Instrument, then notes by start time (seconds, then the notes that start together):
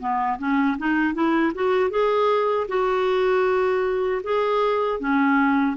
clarinet
0.00 B3
0.39 C#4
0.78 D#4
1.14 E4
1.55 F#4
1.91 G#4
2.69 F#4
4.24 G#4
5.00 C#4